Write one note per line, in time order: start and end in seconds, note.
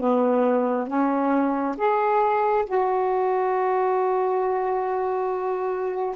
0.00 0.87 B3
0.87 1.76 C#4
1.77 2.66 G#4
2.66 6.16 F#4